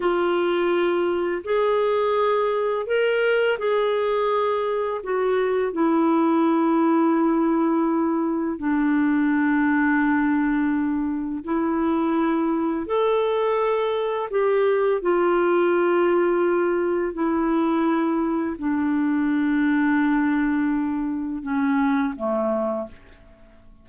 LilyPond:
\new Staff \with { instrumentName = "clarinet" } { \time 4/4 \tempo 4 = 84 f'2 gis'2 | ais'4 gis'2 fis'4 | e'1 | d'1 |
e'2 a'2 | g'4 f'2. | e'2 d'2~ | d'2 cis'4 a4 | }